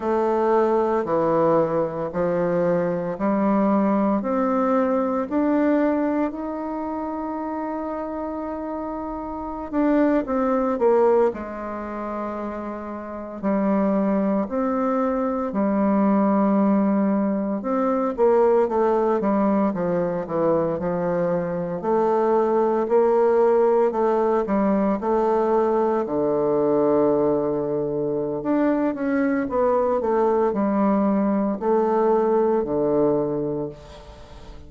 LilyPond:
\new Staff \with { instrumentName = "bassoon" } { \time 4/4 \tempo 4 = 57 a4 e4 f4 g4 | c'4 d'4 dis'2~ | dis'4~ dis'16 d'8 c'8 ais8 gis4~ gis16~ | gis8. g4 c'4 g4~ g16~ |
g8. c'8 ais8 a8 g8 f8 e8 f16~ | f8. a4 ais4 a8 g8 a16~ | a8. d2~ d16 d'8 cis'8 | b8 a8 g4 a4 d4 | }